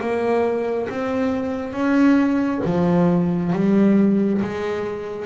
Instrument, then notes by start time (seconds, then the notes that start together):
double bass
0.00 A#3
0.89 C4
1.72 C#4
2.64 F3
3.53 G3
4.41 G#3